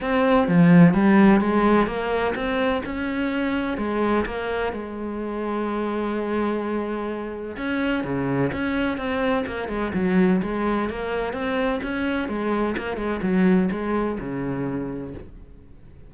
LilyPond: \new Staff \with { instrumentName = "cello" } { \time 4/4 \tempo 4 = 127 c'4 f4 g4 gis4 | ais4 c'4 cis'2 | gis4 ais4 gis2~ | gis1 |
cis'4 cis4 cis'4 c'4 | ais8 gis8 fis4 gis4 ais4 | c'4 cis'4 gis4 ais8 gis8 | fis4 gis4 cis2 | }